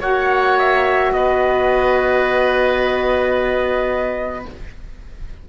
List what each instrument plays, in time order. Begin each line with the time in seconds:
0.00 cello A#3, saxophone F#4, oboe C#5, trumpet F#5
0.59 trumpet E5
1.12 cello B3, oboe B4, trumpet D#5